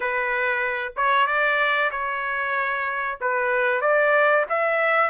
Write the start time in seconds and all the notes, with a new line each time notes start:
0.00 B4
0.96 C#5
1.26 D5
1.91 C#5
3.21 B4
3.81 D5
4.49 E5